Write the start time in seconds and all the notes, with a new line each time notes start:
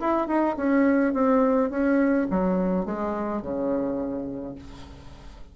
0.00 E4
0.27 D#4
0.57 C#4
1.13 C4
1.70 C#4
2.30 F#3
2.85 G#3
3.42 C#3